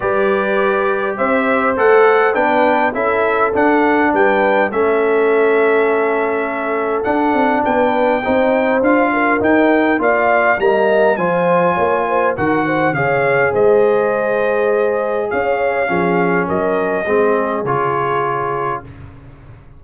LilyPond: <<
  \new Staff \with { instrumentName = "trumpet" } { \time 4/4 \tempo 4 = 102 d''2 e''4 fis''4 | g''4 e''4 fis''4 g''4 | e''1 | fis''4 g''2 f''4 |
g''4 f''4 ais''4 gis''4~ | gis''4 fis''4 f''4 dis''4~ | dis''2 f''2 | dis''2 cis''2 | }
  \new Staff \with { instrumentName = "horn" } { \time 4/4 b'2 c''2 | b'4 a'2 b'4 | a'1~ | a'4 b'4 c''4. ais'8~ |
ais'4 d''4 dis''4 c''4 | cis''8 c''8 ais'8 c''8 cis''4 c''4~ | c''2 cis''4 gis'4 | ais'4 gis'2. | }
  \new Staff \with { instrumentName = "trombone" } { \time 4/4 g'2. a'4 | d'4 e'4 d'2 | cis'1 | d'2 dis'4 f'4 |
dis'4 f'4 ais4 f'4~ | f'4 fis'4 gis'2~ | gis'2. cis'4~ | cis'4 c'4 f'2 | }
  \new Staff \with { instrumentName = "tuba" } { \time 4/4 g2 c'4 a4 | b4 cis'4 d'4 g4 | a1 | d'8 c'8 b4 c'4 d'4 |
dis'4 ais4 g4 f4 | ais4 dis4 cis4 gis4~ | gis2 cis'4 f4 | fis4 gis4 cis2 | }
>>